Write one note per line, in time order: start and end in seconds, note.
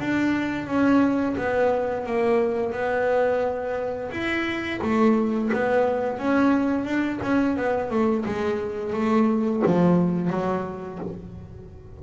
0.00 0.67 D4
0.67 1.36 C#4
1.37 2.06 B3
2.06 2.73 A#3
2.73 4.11 B3
4.11 4.80 E4
4.82 5.51 A3
5.53 6.19 B3
6.19 6.85 C#4
6.85 7.19 D4
7.23 7.57 C#4
7.57 7.91 B3
7.91 8.25 A3
8.26 8.94 G#3
8.94 9.63 A3
9.66 10.30 F3
10.30 10.99 F#3